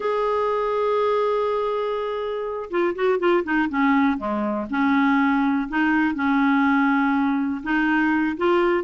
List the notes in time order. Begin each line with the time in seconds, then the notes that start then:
0.00 G#4
2.70 F4
2.95 F#4
3.19 F4
3.44 D#4
3.69 C#4
4.17 G#3
4.70 C#4
5.68 D#4
6.14 C#4
7.63 D#4
8.37 F4